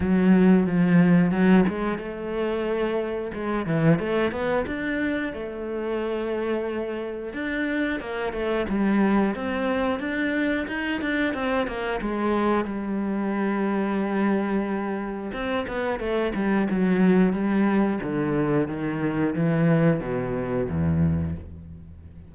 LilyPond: \new Staff \with { instrumentName = "cello" } { \time 4/4 \tempo 4 = 90 fis4 f4 fis8 gis8 a4~ | a4 gis8 e8 a8 b8 d'4 | a2. d'4 | ais8 a8 g4 c'4 d'4 |
dis'8 d'8 c'8 ais8 gis4 g4~ | g2. c'8 b8 | a8 g8 fis4 g4 d4 | dis4 e4 b,4 e,4 | }